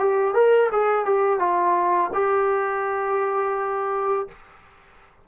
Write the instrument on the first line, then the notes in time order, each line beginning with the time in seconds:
trombone
0.00 G4
0.35 A#4
0.72 G#4
1.06 G4
1.40 F4
2.14 G4